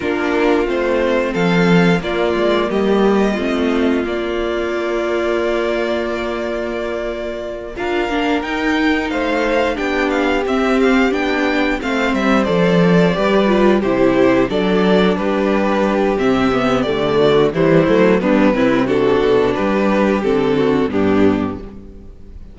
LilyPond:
<<
  \new Staff \with { instrumentName = "violin" } { \time 4/4 \tempo 4 = 89 ais'4 c''4 f''4 d''4 | dis''2 d''2~ | d''2.~ d''8 f''8~ | f''8 g''4 f''4 g''8 f''8 e''8 |
f''8 g''4 f''8 e''8 d''4.~ | d''8 c''4 d''4 b'4. | e''4 d''4 c''4 b'4 | a'4 b'4 a'4 g'4 | }
  \new Staff \with { instrumentName = "violin" } { \time 4/4 f'2 a'4 f'4 | g'4 f'2.~ | f'2.~ f'8 ais'8~ | ais'4. c''4 g'4.~ |
g'4. c''2 b'8~ | b'8 g'4 a'4 g'4.~ | g'4. fis'8 e'4 d'8 e'8 | fis'4 g'4. fis'8 d'4 | }
  \new Staff \with { instrumentName = "viola" } { \time 4/4 d'4 c'2 ais4~ | ais4 c'4 ais2~ | ais2.~ ais8 f'8 | d'8 dis'2 d'4 c'8~ |
c'8 d'4 c'4 a'4 g'8 | f'8 e'4 d'2~ d'8 | c'8 b8 a4 g8 a8 b8 c'8 | d'2 c'4 b4 | }
  \new Staff \with { instrumentName = "cello" } { \time 4/4 ais4 a4 f4 ais8 gis8 | g4 a4 ais2~ | ais2.~ ais8 d'8 | ais8 dis'4 a4 b4 c'8~ |
c'8 b4 a8 g8 f4 g8~ | g8 c4 fis4 g4. | c4 d4 e8 fis8 g8 c8~ | c8 b,8 g4 d4 g,4 | }
>>